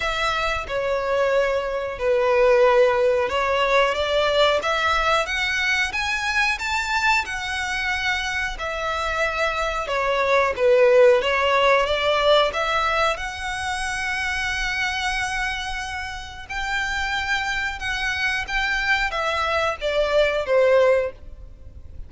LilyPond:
\new Staff \with { instrumentName = "violin" } { \time 4/4 \tempo 4 = 91 e''4 cis''2 b'4~ | b'4 cis''4 d''4 e''4 | fis''4 gis''4 a''4 fis''4~ | fis''4 e''2 cis''4 |
b'4 cis''4 d''4 e''4 | fis''1~ | fis''4 g''2 fis''4 | g''4 e''4 d''4 c''4 | }